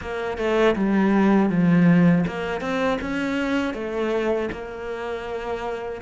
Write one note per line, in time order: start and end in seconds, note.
0.01 0.38 A#3
0.38 0.75 A3
0.75 1.49 G3
1.49 2.24 F3
2.27 2.60 A#3
2.60 2.98 C4
3.01 3.74 C#4
3.74 4.49 A3
4.52 6.01 A#3